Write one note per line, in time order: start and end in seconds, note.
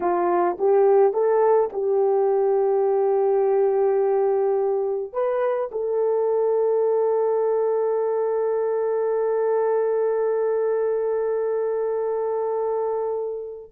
0.00 0.57 F4
0.58 1.13 G4
1.13 1.70 A4
1.72 5.12 G4
5.12 5.70 B4
5.71 13.71 A4